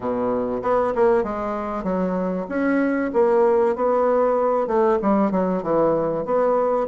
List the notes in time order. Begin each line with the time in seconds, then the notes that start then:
0.00 B2
0.62 B3
0.95 A#3
1.23 G#3
1.83 F#3
2.48 C#4
3.13 A#3
3.75 B3
4.67 A3
5.02 G3
5.31 F#3
5.62 E3
6.25 B3